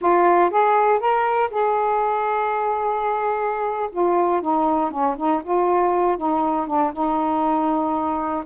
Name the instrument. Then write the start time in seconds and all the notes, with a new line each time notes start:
saxophone
0.01 F4
0.50 G#4
0.99 A#4
1.50 G#4
3.92 F4
4.41 D#4
4.90 C#4
5.17 D#4
5.43 F4
6.17 D#4
6.67 D4
6.92 D#4